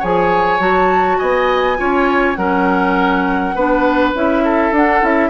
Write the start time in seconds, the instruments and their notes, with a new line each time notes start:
0.00 bassoon F3, clarinet G#4, oboe C#5, flute G#5
0.60 bassoon F#3, clarinet F#4, flute A5
1.18 bassoon B3, oboe D#5, flute G#5
1.77 bassoon C#4, clarinet F4, oboe C#5
2.36 bassoon F#3, clarinet C#4, oboe A#4, flute F#5
3.55 bassoon B3, clarinet D4, oboe B4
4.15 bassoon C#4, clarinet E4, flute E5
4.45 oboe A4
4.72 bassoon D4, clarinet D4, flute F#5
5.02 bassoon C#4, clarinet E4, flute E5